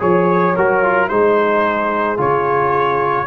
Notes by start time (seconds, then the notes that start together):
0.00 F3 G#4 C#5
0.57 F#3 F#4 A#4
0.84 F4
1.09 G#3 D#4 G#4 C5
2.17 C#3 F4 C#5